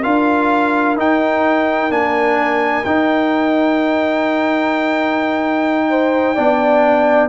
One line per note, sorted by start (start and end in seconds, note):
0.00 0.97 D4
0.00 0.97 F4
0.00 5.86 A#4
0.00 0.97 F5
0.97 1.90 D#4
0.97 1.92 G5
1.90 2.84 A#3
1.90 2.84 D4
1.90 2.84 G#5
2.84 6.37 D#4
2.84 7.29 G5
5.90 6.35 C5
6.35 7.29 B3
6.35 7.29 D4
6.35 7.29 D5